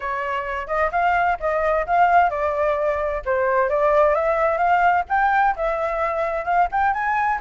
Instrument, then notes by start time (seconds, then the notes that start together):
flute
0.00 C#5
0.67 D#5
0.91 F5
1.40 D#5
1.86 F5
2.30 D5
3.25 C5
3.69 D5
4.14 E5
4.57 F5
5.09 G5
5.56 E5
6.44 F5
6.71 G5
6.93 G#5